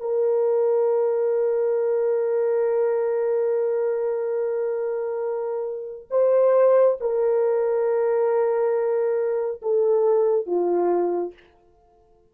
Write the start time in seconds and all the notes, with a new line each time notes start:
0.00 A#4
6.10 C5
7.00 A#4
9.62 A4
10.46 F4